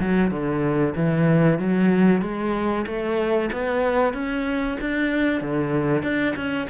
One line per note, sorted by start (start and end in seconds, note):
0.00 0.31 F#3
0.31 0.95 D3
0.96 1.59 E3
1.59 2.22 F#3
2.22 2.86 G#3
2.86 3.50 A3
3.53 4.14 B3
4.14 4.78 C#4
4.81 5.42 D4
5.42 6.03 D3
6.03 6.35 D4
6.36 6.68 C#4